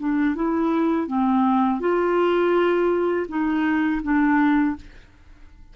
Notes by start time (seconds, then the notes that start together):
0.00 D4
0.36 E4
1.08 C4
1.80 F4
3.29 D#4
4.03 D4